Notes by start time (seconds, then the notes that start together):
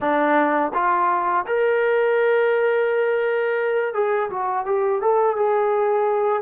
0.00 D4
0.73 F4
1.46 A#4
3.94 G#4
4.30 F#4
4.65 G4
5.01 A4
5.36 G#4